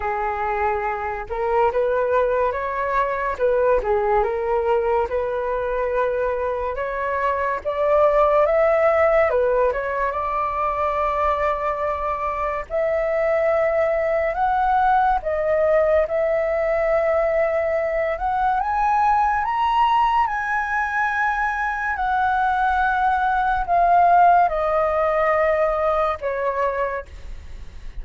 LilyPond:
\new Staff \with { instrumentName = "flute" } { \time 4/4 \tempo 4 = 71 gis'4. ais'8 b'4 cis''4 | b'8 gis'8 ais'4 b'2 | cis''4 d''4 e''4 b'8 cis''8 | d''2. e''4~ |
e''4 fis''4 dis''4 e''4~ | e''4. fis''8 gis''4 ais''4 | gis''2 fis''2 | f''4 dis''2 cis''4 | }